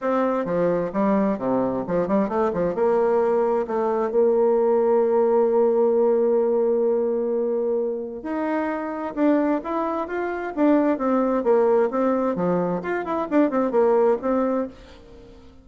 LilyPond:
\new Staff \with { instrumentName = "bassoon" } { \time 4/4 \tempo 4 = 131 c'4 f4 g4 c4 | f8 g8 a8 f8 ais2 | a4 ais2.~ | ais1~ |
ais2 dis'2 | d'4 e'4 f'4 d'4 | c'4 ais4 c'4 f4 | f'8 e'8 d'8 c'8 ais4 c'4 | }